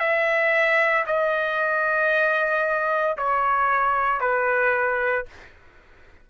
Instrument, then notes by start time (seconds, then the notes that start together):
trumpet
0.00 E5
1.07 D#5
3.18 C#5
4.21 B4